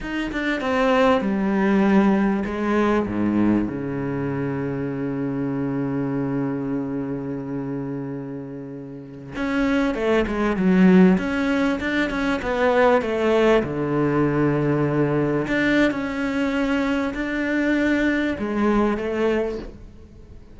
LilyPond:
\new Staff \with { instrumentName = "cello" } { \time 4/4 \tempo 4 = 98 dis'8 d'8 c'4 g2 | gis4 gis,4 cis2~ | cis1~ | cis2.~ cis16 cis'8.~ |
cis'16 a8 gis8 fis4 cis'4 d'8 cis'16~ | cis'16 b4 a4 d4.~ d16~ | d4~ d16 d'8. cis'2 | d'2 gis4 a4 | }